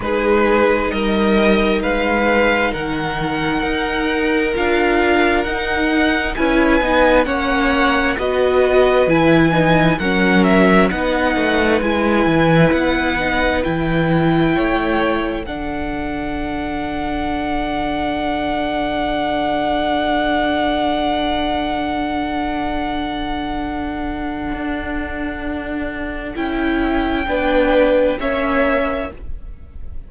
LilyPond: <<
  \new Staff \with { instrumentName = "violin" } { \time 4/4 \tempo 4 = 66 b'4 dis''4 f''4 fis''4~ | fis''4 f''4 fis''4 gis''4 | fis''4 dis''4 gis''4 fis''8 e''8 | fis''4 gis''4 fis''4 g''4~ |
g''4 fis''2.~ | fis''1~ | fis''1~ | fis''4 g''2 e''4 | }
  \new Staff \with { instrumentName = "violin" } { \time 4/4 gis'4 ais'4 b'4 ais'4~ | ais'2. b'4 | cis''4 b'2 ais'4 | b'1 |
cis''4 a'2.~ | a'1~ | a'1~ | a'2 b'4 cis''4 | }
  \new Staff \with { instrumentName = "viola" } { \time 4/4 dis'1~ | dis'4 f'4 dis'4 e'8 dis'8 | cis'4 fis'4 e'8 dis'8 cis'4 | dis'4 e'4. dis'8 e'4~ |
e'4 d'2.~ | d'1~ | d'1~ | d'4 e'4 d'4 cis'4 | }
  \new Staff \with { instrumentName = "cello" } { \time 4/4 gis4 g4 gis4 dis4 | dis'4 d'4 dis'4 cis'8 b8 | ais4 b4 e4 fis4 | b8 a8 gis8 e8 b4 e4 |
a4 d2.~ | d1~ | d2. d'4~ | d'4 cis'4 b4 ais4 | }
>>